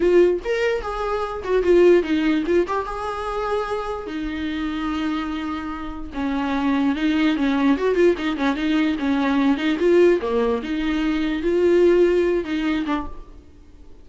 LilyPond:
\new Staff \with { instrumentName = "viola" } { \time 4/4 \tempo 4 = 147 f'4 ais'4 gis'4. fis'8 | f'4 dis'4 f'8 g'8 gis'4~ | gis'2 dis'2~ | dis'2. cis'4~ |
cis'4 dis'4 cis'4 fis'8 f'8 | dis'8 cis'8 dis'4 cis'4. dis'8 | f'4 ais4 dis'2 | f'2~ f'8 dis'4 d'8 | }